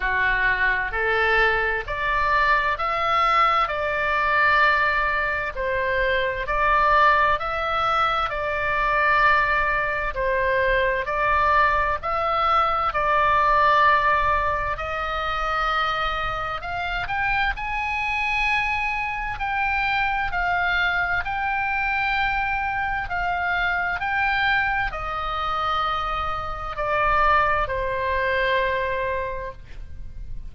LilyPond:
\new Staff \with { instrumentName = "oboe" } { \time 4/4 \tempo 4 = 65 fis'4 a'4 d''4 e''4 | d''2 c''4 d''4 | e''4 d''2 c''4 | d''4 e''4 d''2 |
dis''2 f''8 g''8 gis''4~ | gis''4 g''4 f''4 g''4~ | g''4 f''4 g''4 dis''4~ | dis''4 d''4 c''2 | }